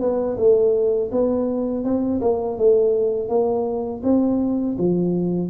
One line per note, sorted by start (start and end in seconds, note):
0.00 0.37 B3
0.38 1.11 A3
1.11 1.84 B3
1.84 2.21 C4
2.21 2.58 A#3
2.58 3.29 A3
3.29 4.02 A#3
4.03 4.77 C4
4.78 5.49 F3